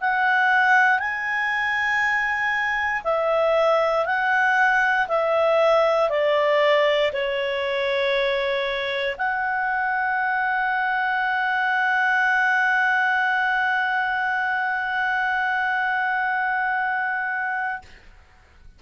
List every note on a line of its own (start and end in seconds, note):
0.00 0.99 F#5
0.99 3.02 G#5
3.04 4.05 E5
4.05 5.07 F#5
5.08 6.09 E5
6.09 7.11 D5
7.12 9.16 C#5
9.17 17.82 F#5